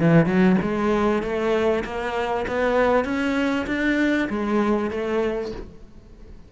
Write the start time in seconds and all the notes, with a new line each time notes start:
0.00 E3
0.26 F#3
0.62 G#3
1.23 A3
1.85 A#3
2.47 B3
3.04 C#4
3.67 D4
4.29 G#3
4.91 A3